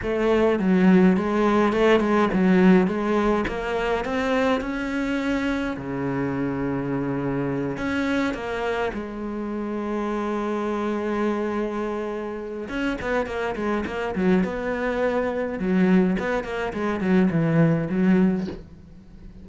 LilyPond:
\new Staff \with { instrumentName = "cello" } { \time 4/4 \tempo 4 = 104 a4 fis4 gis4 a8 gis8 | fis4 gis4 ais4 c'4 | cis'2 cis2~ | cis4. cis'4 ais4 gis8~ |
gis1~ | gis2 cis'8 b8 ais8 gis8 | ais8 fis8 b2 fis4 | b8 ais8 gis8 fis8 e4 fis4 | }